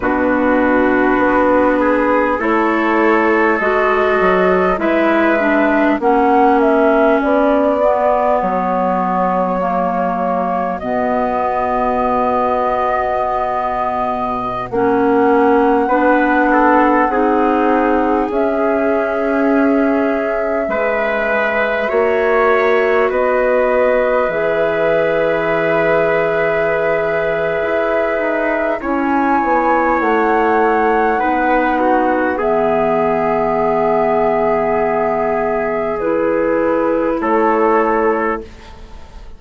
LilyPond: <<
  \new Staff \with { instrumentName = "flute" } { \time 4/4 \tempo 4 = 50 b'2 cis''4 dis''4 | e''4 fis''8 e''8 d''4 cis''4~ | cis''4 dis''2.~ | dis''16 fis''2. e''8.~ |
e''2.~ e''16 dis''8.~ | dis''16 e''2.~ e''8. | gis''4 fis''2 e''4~ | e''2 b'4 cis''4 | }
  \new Staff \with { instrumentName = "trumpet" } { \time 4/4 fis'4. gis'8 a'2 | b'4 fis'2.~ | fis'1~ | fis'4~ fis'16 b'8 a'8 gis'4.~ gis'16~ |
gis'4~ gis'16 b'4 cis''4 b'8.~ | b'1 | cis''2 b'8 fis'8 gis'4~ | gis'2. a'4 | }
  \new Staff \with { instrumentName = "clarinet" } { \time 4/4 d'2 e'4 fis'4 | e'8 d'8 cis'4. b4. | ais4 b2.~ | b16 cis'4 d'4 dis'4 cis'8.~ |
cis'4~ cis'16 gis'4 fis'4.~ fis'16~ | fis'16 gis'2.~ gis'8. | e'2 dis'4 b4~ | b2 e'2 | }
  \new Staff \with { instrumentName = "bassoon" } { \time 4/4 b,4 b4 a4 gis8 fis8 | gis4 ais4 b4 fis4~ | fis4 b,2.~ | b,16 ais4 b4 c'4 cis'8.~ |
cis'4~ cis'16 gis4 ais4 b8.~ | b16 e2~ e8. e'8 dis'8 | cis'8 b8 a4 b4 e4~ | e2. a4 | }
>>